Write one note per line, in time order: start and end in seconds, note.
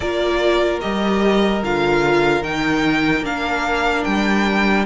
0.00 0.81 A#3
0.00 0.80 F4
0.00 4.85 A#4
0.00 0.79 D5
0.80 1.62 G3
0.80 1.61 G4
0.80 1.62 D#5
1.62 2.42 D3
1.62 2.42 F4
1.62 2.43 F5
2.42 3.21 D#3
2.42 3.23 D#4
2.42 3.24 G5
3.21 4.02 A#3
3.21 4.85 D4
3.21 4.04 F5
4.04 4.85 G3
4.04 4.85 G5